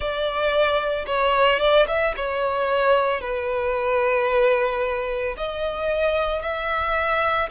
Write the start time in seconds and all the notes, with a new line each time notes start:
0.00 D5
1.06 C#5
1.59 D5
1.87 E5
2.16 C#5
3.20 B4
5.37 D#5
6.41 E5